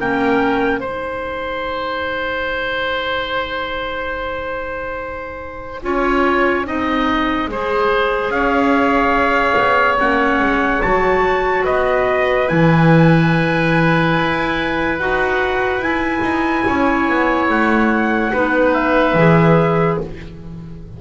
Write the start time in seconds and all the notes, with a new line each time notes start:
0.00 A#3 C#4 A#4 G5
0.80 G#3 D#4 C5 G#5
5.82 C#4 F4 C#5
6.65 C4 D#4 D#5
7.48 G#3 G#4 C5
8.30 C#4 C#5 F5
9.57 B3
9.99 A#3 C#4 F#5
10.40 G#3
10.82 F#3 F#4 A5
11.64 B3 B4 D#5
12.48 E3 E4 G#5
14.17 E4
14.99 D#4 F#4 F#5
15.78 E4 G#5
16.22 D#4
16.67 C#4 C#5
17.09 B3
17.49 A3 F#5
18.32 B3 D#4 B4
18.73 E5
19.14 E3 G#4